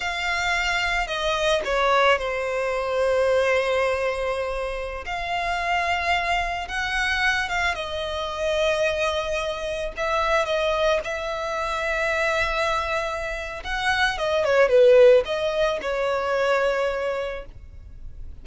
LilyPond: \new Staff \with { instrumentName = "violin" } { \time 4/4 \tempo 4 = 110 f''2 dis''4 cis''4 | c''1~ | c''4~ c''16 f''2~ f''8.~ | f''16 fis''4. f''8 dis''4.~ dis''16~ |
dis''2~ dis''16 e''4 dis''8.~ | dis''16 e''2.~ e''8.~ | e''4 fis''4 dis''8 cis''8 b'4 | dis''4 cis''2. | }